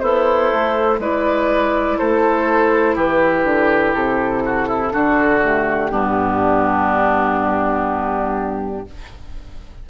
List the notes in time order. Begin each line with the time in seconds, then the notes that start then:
0.00 B3 E4 A4 C5
0.53 A3
0.99 G#3 E4 B4 D5
1.98 A3 A4 C5
2.95 E3 G4 B4
3.44 D3
3.94 C3 A4
4.45 F#4
4.68 E4
4.91 D3 D4 F#4
5.42 A3 G4
5.90 G2 B3 D4